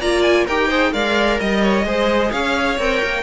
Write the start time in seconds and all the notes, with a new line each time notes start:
0.00 A#3 F4 D5 A#5
0.23 G#5
0.45 D#4 G4 A#4 G5
0.68 G#4 C5
0.92 G#3 A#4 D5 F5
1.40 G3 D#5
1.63 C#5
1.85 G#3 G#4 C5
2.31 C#4 C#5 F5
2.79 C4 A#4 G5
3.04 A#3